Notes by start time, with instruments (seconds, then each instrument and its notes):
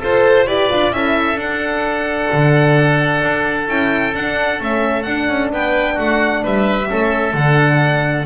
0.00 double bass F4, oboe A4, horn A4, violin C5
0.47 double bass E4, horn G4, oboe B4, violin D5
0.70 double bass D4, horn F4
0.92 double bass C#4, horn E4, oboe A4, violin E5
1.36 double bass D4, horn D4, violin F#5
2.33 double bass D3
3.23 double bass D4
3.68 double bass C#4, horn E4, violin G5
4.15 double bass D4, horn D4, violin F#5
4.59 double bass A3, horn C#4, violin E5
5.03 horn D4, double bass D4, violin F#5
5.29 double bass C#4
5.52 double bass B3, oboe B4, violin G5
5.95 double bass A3, oboe F#4, violin F#5
6.44 double bass G3, oboe B4, violin E5
6.88 double bass A3, horn C#4, oboe A4
7.34 double bass D3, horn D4, violin F#5